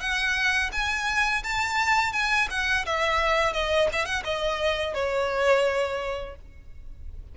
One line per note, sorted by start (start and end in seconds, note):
0.00 0.71 F#5
0.72 1.43 G#5
1.43 2.13 A5
2.13 2.48 G#5
2.50 2.86 F#5
2.86 3.53 E5
3.53 3.88 D#5
3.93 4.05 E5
4.05 4.23 F#5
4.24 4.94 D#5
4.94 6.35 C#5